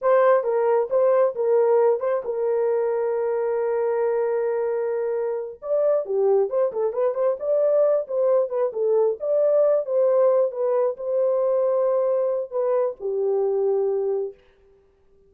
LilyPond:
\new Staff \with { instrumentName = "horn" } { \time 4/4 \tempo 4 = 134 c''4 ais'4 c''4 ais'4~ | ais'8 c''8 ais'2.~ | ais'1~ | ais'8 d''4 g'4 c''8 a'8 b'8 |
c''8 d''4. c''4 b'8 a'8~ | a'8 d''4. c''4. b'8~ | b'8 c''2.~ c''8 | b'4 g'2. | }